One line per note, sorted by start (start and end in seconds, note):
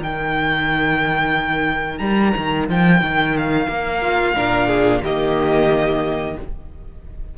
0.00 2.00 D#3
0.00 4.36 D#4
0.00 4.02 A#4
0.00 1.98 G5
1.98 2.33 G3
1.98 2.65 A#5
2.37 2.70 D#3
2.70 3.02 F3
2.70 3.38 G5
3.02 3.68 D#3
3.38 5.05 F5
3.68 4.35 A#3
4.02 4.35 F4
4.36 5.03 A#2
4.36 5.03 D4
4.36 4.68 A#4
4.68 5.01 G#4
5.03 6.37 D#3
5.03 6.37 A#3
5.03 6.37 G4
5.03 6.38 D#5